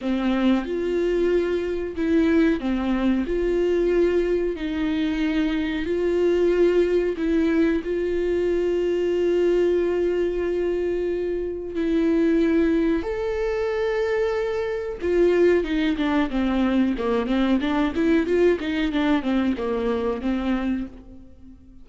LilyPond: \new Staff \with { instrumentName = "viola" } { \time 4/4 \tempo 4 = 92 c'4 f'2 e'4 | c'4 f'2 dis'4~ | dis'4 f'2 e'4 | f'1~ |
f'2 e'2 | a'2. f'4 | dis'8 d'8 c'4 ais8 c'8 d'8 e'8 | f'8 dis'8 d'8 c'8 ais4 c'4 | }